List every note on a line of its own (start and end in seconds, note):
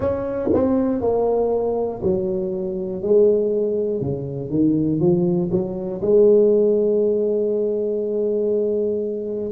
0.00 0.49 C#4
0.53 1.01 C4
1.01 2.01 A#3
2.03 3.02 F#3
3.02 4.00 G#3
4.00 4.50 C#3
4.50 5.00 D#3
5.00 5.50 F3
5.51 6.01 F#3
6.01 9.51 G#3